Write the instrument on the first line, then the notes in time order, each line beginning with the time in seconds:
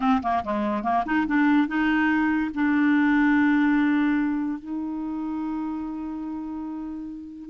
clarinet
0.00 C4
0.22 A#3
0.44 G#3
0.83 A#3
1.05 D#4
1.26 D4
1.67 D#4
2.54 D4
4.59 D#4